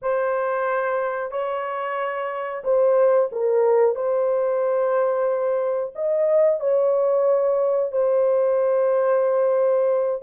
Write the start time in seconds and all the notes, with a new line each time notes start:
0.02 C5
1.31 C#5
2.63 C5
3.31 A#4
3.95 C5
5.95 D#5
6.60 C#5
7.92 C5